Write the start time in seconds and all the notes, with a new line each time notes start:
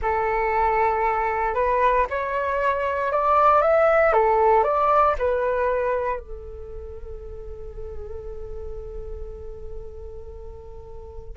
0.02 A4
1.54 B4
2.10 C#5
3.11 D5
3.61 E5
4.12 A4
4.63 D5
5.18 B4
6.19 A4